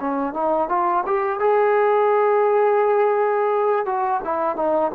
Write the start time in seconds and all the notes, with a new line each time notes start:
0.00 C#4
0.34 D#4
0.69 F4
1.06 G4
1.40 G#4
3.86 F#4
4.24 E4
4.56 D#4